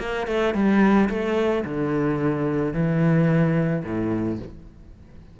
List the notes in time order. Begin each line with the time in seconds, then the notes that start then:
0.00 A#3
0.28 A3
0.55 G3
1.10 A3
1.65 D3
2.74 E3
3.84 A2